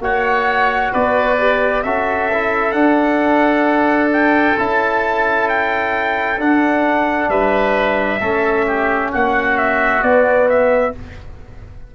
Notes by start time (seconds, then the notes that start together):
0.00 A#3 F#4 C#5 F#5
0.93 B3 B4 D5
1.38 G4
1.84 C#4 F#4 A4 E5
2.33 E4
2.72 D4 F#5
4.13 G5
4.58 C#4 E4 A5
5.49 G5
6.38 D4 F#5
7.29 G3 B4 E5
8.20 A3 C#4 A4
8.67 G4
9.12 A#3 F#4 F#5
9.58 E5
10.02 B3 D5
10.49 E5